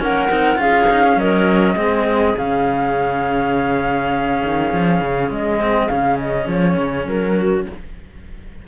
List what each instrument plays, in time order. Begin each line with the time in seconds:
0.00 cello A#3 C#4, clarinet A#4, flute F#5
0.30 cello C4 D#4
0.56 cello C#4 F4, clarinet G#4, flute F5
0.90 cello D#4
1.04 cello C#4
1.16 cello F#3, clarinet A#4, flute D#5
1.76 cello G#3 C4, clarinet G#4
2.37 cello C#3 C#4, flute F5
4.44 cello D#3
4.73 cello F3
5.01 cello C#3
5.30 cello G#3, flute D#5
5.60 cello C4
5.88 cello C#3 C#4, flute F5
6.19 flute D#5
6.47 cello F3, flute C#5
6.77 cello C#3
7.06 cello F#3, flute A#4
7.35 clarinet F#4